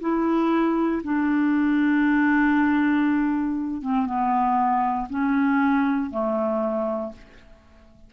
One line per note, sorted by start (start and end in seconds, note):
0.00 1.02 E4
1.04 3.81 D4
3.81 4.05 C4
4.05 5.07 B3
5.09 6.10 C#4
6.10 7.12 A3